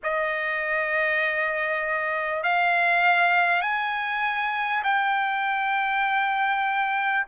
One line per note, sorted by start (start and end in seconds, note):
0.03 2.43 D#5
2.43 3.61 F5
3.61 4.82 G#5
4.83 7.26 G5